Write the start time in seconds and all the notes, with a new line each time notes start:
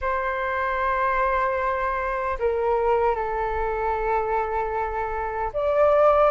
0.01 C5
2.39 A#4
3.15 A4
5.53 D5